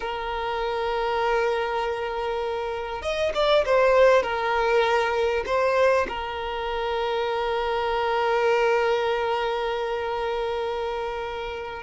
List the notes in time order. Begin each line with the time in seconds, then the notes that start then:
0.00 A#4
3.02 D#5
3.34 D5
3.65 C5
4.22 A#4
5.46 C5
6.08 A#4